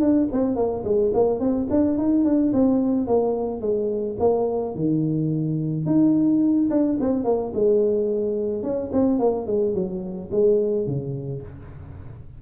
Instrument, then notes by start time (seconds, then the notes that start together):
tuba
0.00 D4
0.32 C4
0.56 A#3
0.84 G#3
1.14 A#3
1.40 C4
1.70 D4
1.98 D#4
2.24 D4
2.53 C4
3.07 A#3
3.61 G#3
4.19 A#3
4.75 D#3
5.86 D#4
6.70 D4
7.00 C4
7.24 A#3
7.54 G#3
8.63 C#4
8.93 C4
9.19 A#3
9.47 G#3
9.74 F#3
10.31 G#3
10.86 C#3